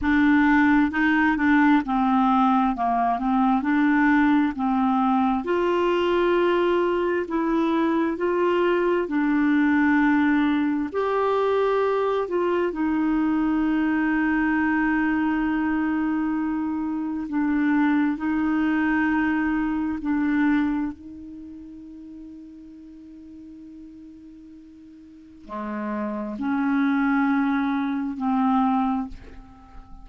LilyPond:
\new Staff \with { instrumentName = "clarinet" } { \time 4/4 \tempo 4 = 66 d'4 dis'8 d'8 c'4 ais8 c'8 | d'4 c'4 f'2 | e'4 f'4 d'2 | g'4. f'8 dis'2~ |
dis'2. d'4 | dis'2 d'4 dis'4~ | dis'1 | gis4 cis'2 c'4 | }